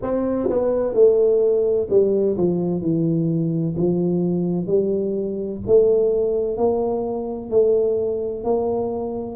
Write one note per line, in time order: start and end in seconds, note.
0.02 0.49 C4
0.49 0.94 B3
0.94 1.87 A3
1.90 2.37 G3
2.37 2.81 F3
2.81 3.75 E3
3.76 4.66 F3
4.66 5.60 G3
5.66 6.57 A3
6.57 7.50 A#3
7.50 8.44 A3
8.44 9.36 A#3